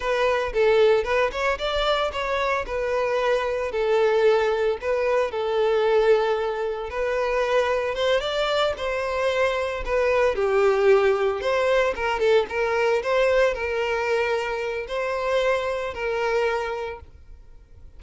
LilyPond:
\new Staff \with { instrumentName = "violin" } { \time 4/4 \tempo 4 = 113 b'4 a'4 b'8 cis''8 d''4 | cis''4 b'2 a'4~ | a'4 b'4 a'2~ | a'4 b'2 c''8 d''8~ |
d''8 c''2 b'4 g'8~ | g'4. c''4 ais'8 a'8 ais'8~ | ais'8 c''4 ais'2~ ais'8 | c''2 ais'2 | }